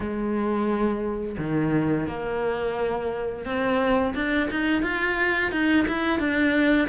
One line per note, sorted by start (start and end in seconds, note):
0.00 1.36 G#3
1.38 2.07 D#3
2.07 3.45 A#3
3.45 4.14 C4
4.14 4.49 D4
4.50 4.82 D#4
4.82 5.51 F4
5.51 5.86 D#4
5.87 6.19 E4
6.19 6.88 D4